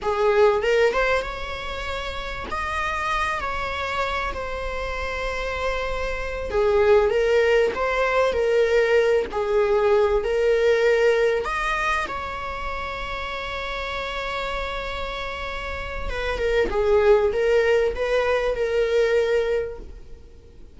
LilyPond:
\new Staff \with { instrumentName = "viola" } { \time 4/4 \tempo 4 = 97 gis'4 ais'8 c''8 cis''2 | dis''4. cis''4. c''4~ | c''2~ c''8 gis'4 ais'8~ | ais'8 c''4 ais'4. gis'4~ |
gis'8 ais'2 dis''4 cis''8~ | cis''1~ | cis''2 b'8 ais'8 gis'4 | ais'4 b'4 ais'2 | }